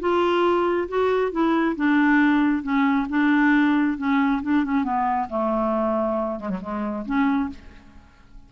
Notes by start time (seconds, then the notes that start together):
0.00 F4
0.88 F#4
1.32 E4
1.76 D4
2.63 C#4
3.09 D4
3.98 C#4
4.42 D4
4.64 C#4
4.84 B3
5.29 A3
6.40 G#3
6.49 F#3
6.61 G#3
7.05 C#4